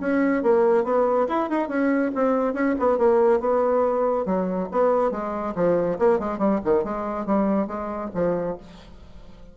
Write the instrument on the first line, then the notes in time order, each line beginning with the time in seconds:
bassoon
0.00 C#4
0.43 A#3
0.84 B3
1.29 E4
1.50 D#4
1.69 C#4
2.15 C4
2.54 C#4
2.79 B3
2.98 A#3
3.40 B3
4.26 F#3
4.72 B3
5.11 G#3
5.56 F3
5.99 A#3
6.19 G#3
6.38 G3
6.65 D#3
6.84 G#3
7.26 G3
7.67 G#3
8.14 F3